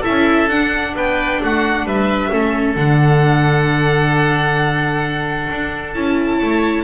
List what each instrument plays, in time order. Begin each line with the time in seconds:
0.00 viola E4, oboe A4, violin E5
0.07 double bass C#4
0.48 double bass D4, viola D4, violin F#5
0.95 double bass B3, oboe B4, violin G5
1.42 double bass A3, oboe F#4, violin F#5
1.84 double bass G3, oboe B4, violin E5
2.30 double bass A3, viola C#4, oboe A4
2.75 double bass D3, viola D4, violin F#5
5.50 double bass D4
5.93 double bass C#4, viola E4, violin A5
6.38 double bass A3, oboe C#5